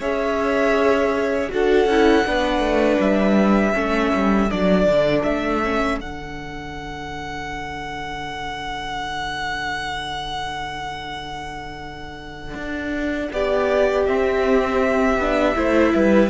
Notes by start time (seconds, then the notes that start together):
0.00 C#4 G#4 C#5 E5
1.49 D4 F#4 A4 F#5
1.86 C#4 E4
2.25 B3 D4 B4
2.60 A3
3.00 G3 E5
3.74 A3 C#4 A4
4.13 G3
4.51 F#3 D4 D5
4.87 D3
5.24 A3 E5
5.64 C#4
6.00 D3 D4 F#5
12.55 D4
13.33 B3 G4 D5
14.06 C4 E5
15.18 B3 D4
15.55 A3 E4 C5
15.95 G3 B4